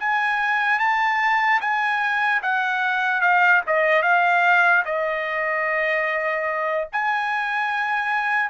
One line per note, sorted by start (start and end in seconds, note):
0.00 0.80 G#5
0.80 1.61 A5
1.61 2.42 G#5
2.43 3.22 F#5
3.22 3.62 F5
3.67 4.03 D#5
4.03 4.84 F5
4.86 6.88 D#5
6.93 8.50 G#5